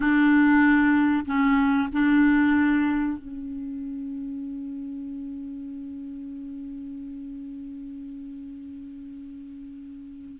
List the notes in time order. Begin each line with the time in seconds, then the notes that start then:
0.00 D4
1.25 C#4
1.92 D4
3.18 C#4